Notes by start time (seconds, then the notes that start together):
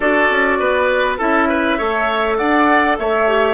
0.00 D4 F#4 A4 D5
0.30 C#4
0.59 B3 B4
1.18 C#4 E4 A4 E5
1.49 B4
1.78 A3 A4 C#5
2.36 D4 D5 F#5
2.98 A3 C#5 E5
3.27 G4